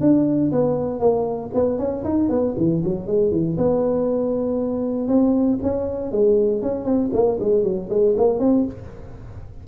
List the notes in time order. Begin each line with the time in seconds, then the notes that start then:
0.00 D4
0.51 B3
0.99 A#3
1.53 B3
1.78 C#4
2.04 D#4
2.29 B3
2.57 E3
2.84 F#3
3.06 G#3
3.31 E3
3.57 B3
5.08 C4
5.62 C#4
6.11 G#3
6.61 C#4
6.84 C4
7.13 A#3
7.39 G#3
7.63 F#3
7.89 G#3
8.17 A#3
8.39 C4